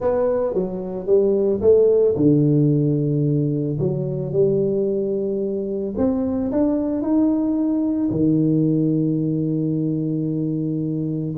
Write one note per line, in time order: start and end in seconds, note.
0.00 0.54 B3
0.54 1.06 F#3
1.06 1.60 G3
1.61 2.15 A3
2.15 3.78 D3
3.79 4.32 F#3
4.32 5.94 G3
5.97 6.51 C4
6.51 7.01 D4
7.01 8.09 D#4
8.10 11.35 D#3